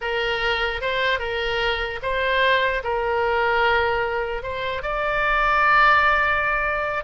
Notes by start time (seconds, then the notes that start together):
0.01 A#4
0.81 C5
1.19 A#4
2.02 C5
2.83 A#4
4.42 C5
4.82 D5